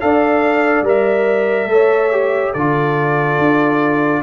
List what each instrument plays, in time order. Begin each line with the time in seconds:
0.00 tuba D4, trombone A4, horn D5, trumpet F5
0.81 tuba G3, trombone A#4
0.88 trumpet E5
1.65 tuba A3, trombone A4
1.72 horn C#5
2.11 trombone G4
2.53 tuba D3, trombone F4, horn A4, trumpet D5
3.38 tuba D4